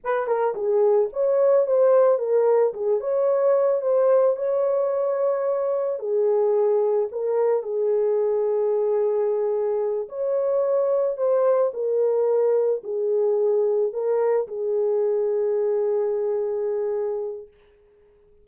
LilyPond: \new Staff \with { instrumentName = "horn" } { \time 4/4 \tempo 4 = 110 b'8 ais'8 gis'4 cis''4 c''4 | ais'4 gis'8 cis''4. c''4 | cis''2. gis'4~ | gis'4 ais'4 gis'2~ |
gis'2~ gis'8 cis''4.~ | cis''8 c''4 ais'2 gis'8~ | gis'4. ais'4 gis'4.~ | gis'1 | }